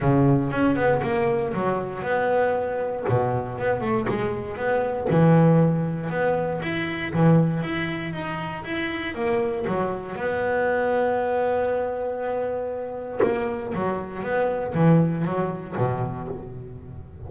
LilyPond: \new Staff \with { instrumentName = "double bass" } { \time 4/4 \tempo 4 = 118 cis4 cis'8 b8 ais4 fis4 | b2 b,4 b8 a8 | gis4 b4 e2 | b4 e'4 e4 e'4 |
dis'4 e'4 ais4 fis4 | b1~ | b2 ais4 fis4 | b4 e4 fis4 b,4 | }